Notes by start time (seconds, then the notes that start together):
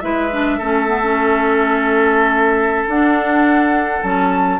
0.00 G#3 E4 B4 E5
0.32 D4
0.58 A3 C#4 A4
0.87 B3
1.03 C#4
2.87 D4 F#5
4.03 F#3 C#4 A5